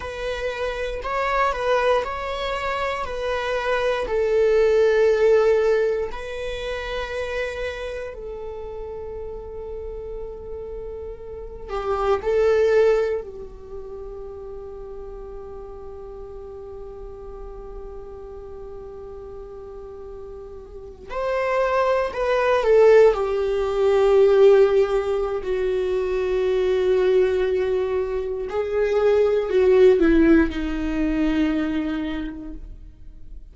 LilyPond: \new Staff \with { instrumentName = "viola" } { \time 4/4 \tempo 4 = 59 b'4 cis''8 b'8 cis''4 b'4 | a'2 b'2 | a'2.~ a'8 g'8 | a'4 g'2.~ |
g'1~ | g'8. c''4 b'8 a'8 g'4~ g'16~ | g'4 fis'2. | gis'4 fis'8 e'8 dis'2 | }